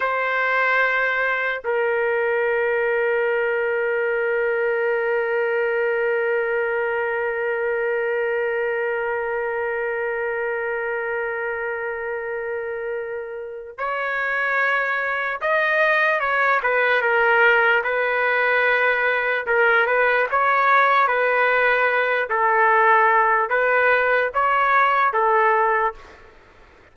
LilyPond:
\new Staff \with { instrumentName = "trumpet" } { \time 4/4 \tempo 4 = 74 c''2 ais'2~ | ais'1~ | ais'1~ | ais'1~ |
ais'4 cis''2 dis''4 | cis''8 b'8 ais'4 b'2 | ais'8 b'8 cis''4 b'4. a'8~ | a'4 b'4 cis''4 a'4 | }